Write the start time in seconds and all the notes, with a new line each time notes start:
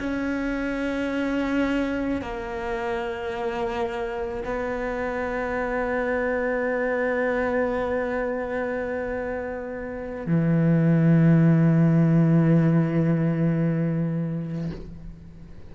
0.00 C#4
2.22 A#3
4.45 B3
10.27 E3